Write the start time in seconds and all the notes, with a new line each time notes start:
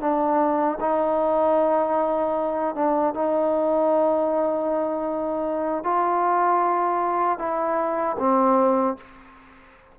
0.00 D4
0.80 D#4
2.75 D4
3.14 D#4
5.84 F4
7.39 E4
8.19 C4